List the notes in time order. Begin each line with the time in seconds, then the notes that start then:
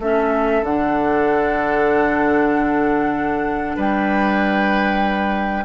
0.00 A3 C#4 A4 E5
0.63 D3 D4 F#5
3.76 G3 B4 G5